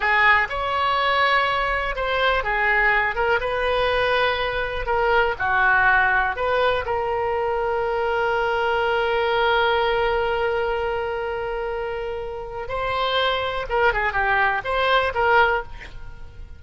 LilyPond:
\new Staff \with { instrumentName = "oboe" } { \time 4/4 \tempo 4 = 123 gis'4 cis''2. | c''4 gis'4. ais'8 b'4~ | b'2 ais'4 fis'4~ | fis'4 b'4 ais'2~ |
ais'1~ | ais'1~ | ais'2 c''2 | ais'8 gis'8 g'4 c''4 ais'4 | }